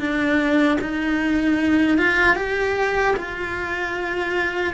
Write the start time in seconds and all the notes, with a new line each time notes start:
0.00 D4
0.81 D#4
1.98 F4
2.36 G4
3.17 F4